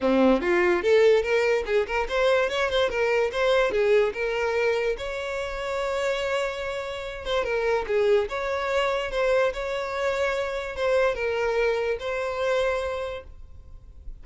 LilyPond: \new Staff \with { instrumentName = "violin" } { \time 4/4 \tempo 4 = 145 c'4 f'4 a'4 ais'4 | gis'8 ais'8 c''4 cis''8 c''8 ais'4 | c''4 gis'4 ais'2 | cis''1~ |
cis''4. c''8 ais'4 gis'4 | cis''2 c''4 cis''4~ | cis''2 c''4 ais'4~ | ais'4 c''2. | }